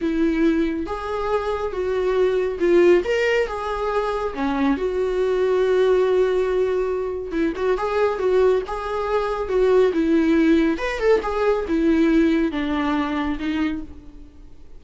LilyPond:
\new Staff \with { instrumentName = "viola" } { \time 4/4 \tempo 4 = 139 e'2 gis'2 | fis'2 f'4 ais'4 | gis'2 cis'4 fis'4~ | fis'1~ |
fis'4 e'8 fis'8 gis'4 fis'4 | gis'2 fis'4 e'4~ | e'4 b'8 a'8 gis'4 e'4~ | e'4 d'2 dis'4 | }